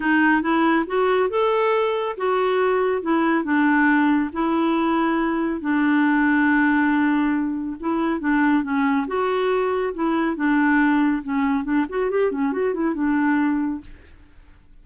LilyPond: \new Staff \with { instrumentName = "clarinet" } { \time 4/4 \tempo 4 = 139 dis'4 e'4 fis'4 a'4~ | a'4 fis'2 e'4 | d'2 e'2~ | e'4 d'2.~ |
d'2 e'4 d'4 | cis'4 fis'2 e'4 | d'2 cis'4 d'8 fis'8 | g'8 cis'8 fis'8 e'8 d'2 | }